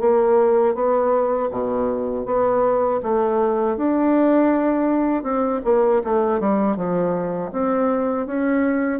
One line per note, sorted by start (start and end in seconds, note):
0.00 0.75 A#3
0.75 1.50 B3
1.51 2.25 B2
2.25 3.00 B3
3.03 3.77 A3
3.77 5.23 D4
5.23 5.61 C4
5.65 6.02 A#3
6.04 6.40 A3
6.40 6.76 G3
6.76 7.51 F3
7.52 8.26 C4
8.26 9.00 C#4